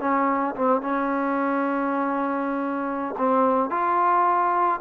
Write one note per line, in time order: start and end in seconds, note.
0.00 0.55 C#4
0.56 0.82 C4
0.82 3.16 C#4
3.18 3.70 C4
3.70 4.80 F4